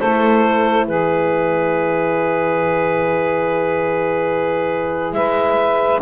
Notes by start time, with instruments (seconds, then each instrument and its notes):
0.00 double bass A3, horn E4, saxophone A4, clarinet C5
0.88 double bass E3, saxophone G#4, clarinet B4
5.12 double bass G#3, saxophone B4, clarinet E5